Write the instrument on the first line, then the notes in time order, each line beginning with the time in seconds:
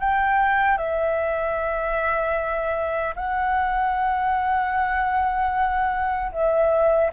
flute
0.00 G5
0.78 E5
3.16 F#5
6.32 E5